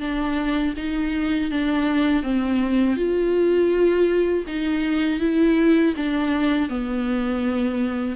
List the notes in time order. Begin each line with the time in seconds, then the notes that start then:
0.00 D4
0.76 D#4
1.51 D4
2.23 C4
2.96 F4
4.47 D#4
5.20 E4
5.96 D4
6.69 B3